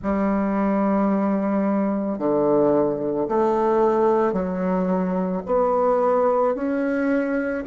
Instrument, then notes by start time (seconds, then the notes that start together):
bassoon
0.02 G3
2.18 D3
3.28 A3
4.32 F#3
5.45 B3
6.55 C#4